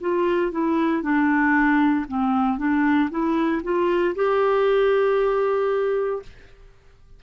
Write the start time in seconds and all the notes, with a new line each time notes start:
0.00 F4
0.52 E4
1.02 D4
2.08 C4
2.58 D4
3.10 E4
3.63 F4
4.15 G4